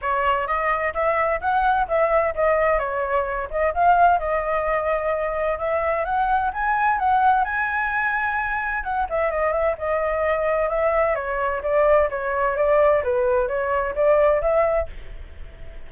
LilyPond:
\new Staff \with { instrumentName = "flute" } { \time 4/4 \tempo 4 = 129 cis''4 dis''4 e''4 fis''4 | e''4 dis''4 cis''4. dis''8 | f''4 dis''2. | e''4 fis''4 gis''4 fis''4 |
gis''2. fis''8 e''8 | dis''8 e''8 dis''2 e''4 | cis''4 d''4 cis''4 d''4 | b'4 cis''4 d''4 e''4 | }